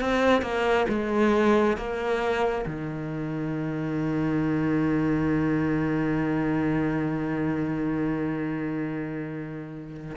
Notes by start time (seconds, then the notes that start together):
0.00 C4
0.42 A#3
0.88 G#3
1.76 A#3
2.66 D#3